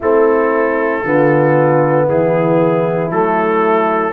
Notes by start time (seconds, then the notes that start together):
0.00 A3 C4 E4 A4
1.04 D3 B3 F4
2.05 E3 E4 G#4
3.10 F#3 A3 A4